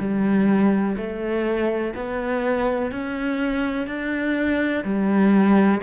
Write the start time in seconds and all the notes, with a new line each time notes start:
0.00 G3
0.98 A3
1.95 B3
2.92 C#4
3.87 D4
4.85 G3